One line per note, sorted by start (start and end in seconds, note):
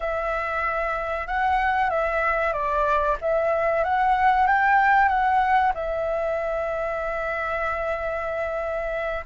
0.00 1.27 E5
1.27 1.90 F#5
1.90 2.52 E5
2.52 3.16 D5
3.21 3.84 E5
3.84 4.47 F#5
4.47 5.08 G5
5.08 5.72 F#5
5.74 9.25 E5